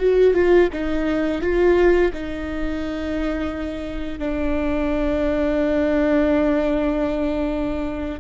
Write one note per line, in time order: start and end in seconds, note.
0.00 0.35 F#4
0.35 0.69 F4
0.73 1.42 D#4
1.42 2.12 F4
2.14 4.20 D#4
4.20 8.21 D4